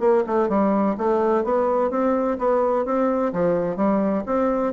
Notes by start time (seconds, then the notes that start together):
0.00 A#3
0.26 A3
0.49 G3
0.97 A3
1.44 B3
1.90 C4
2.39 B3
2.85 C4
3.33 F3
3.76 G3
4.26 C4